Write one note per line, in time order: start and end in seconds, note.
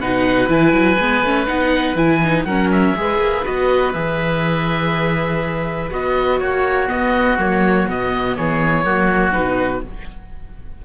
0.00 0.48 B2
0.00 0.48 D#4
0.00 2.46 B4
0.00 0.49 F#5
0.48 0.72 E3
0.48 0.97 E4
0.48 1.48 G#5
0.72 0.97 F#3
0.99 1.23 G#3
0.99 1.26 B3
1.23 1.48 A3
1.23 1.47 C#4
1.47 1.95 B3
1.47 1.96 D#4
1.47 1.97 F#5
1.95 2.44 E3
1.95 2.21 E4
1.95 2.45 G#5
2.23 2.48 D#4
2.45 2.94 F#3
2.45 2.97 C#4
2.45 2.96 A#4
2.45 2.70 F#5
2.72 3.46 E5
2.95 3.19 G#3
2.95 3.44 G#4
2.95 6.41 B4
3.19 3.43 A#3
3.44 3.94 B3
3.44 3.94 F#4
3.44 3.93 D#5
3.93 5.91 E3
3.93 5.90 G#4
3.93 5.90 E5
5.90 6.40 B3
5.90 6.88 F#4
5.90 6.40 D#5
6.40 6.89 A#3
6.40 8.37 F#4
6.40 6.89 C#5
6.88 7.37 B3
6.88 7.38 B3
6.88 7.38 D#5
7.38 7.87 F#3
7.38 7.88 A#3
7.38 7.89 C#5
7.88 8.37 B2
7.88 8.84 B3
7.88 8.37 D#5
8.37 8.85 E3
8.37 8.85 G#4
8.37 9.33 C#5
8.84 9.34 F#3
8.84 9.32 A#3
8.84 9.83 F#4
9.32 9.85 B2
9.32 9.81 D#4
9.32 9.82 B4